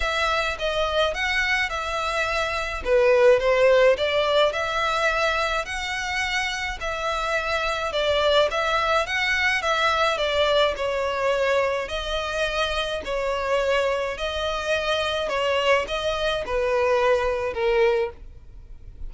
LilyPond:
\new Staff \with { instrumentName = "violin" } { \time 4/4 \tempo 4 = 106 e''4 dis''4 fis''4 e''4~ | e''4 b'4 c''4 d''4 | e''2 fis''2 | e''2 d''4 e''4 |
fis''4 e''4 d''4 cis''4~ | cis''4 dis''2 cis''4~ | cis''4 dis''2 cis''4 | dis''4 b'2 ais'4 | }